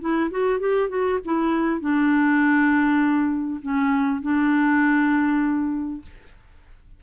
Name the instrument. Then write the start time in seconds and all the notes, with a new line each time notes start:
clarinet
0.00 E4
0.30 F#4
0.59 G4
0.89 F#4
1.25 E4
1.80 D4
3.61 C#4
4.21 D4